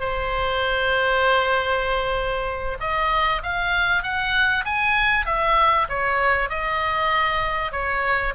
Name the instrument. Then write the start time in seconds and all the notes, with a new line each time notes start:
oboe
0.00 C5
2.81 D#5
3.44 F5
4.03 F#5
4.65 G#5
5.26 E5
5.90 C#5
6.50 D#5
7.72 C#5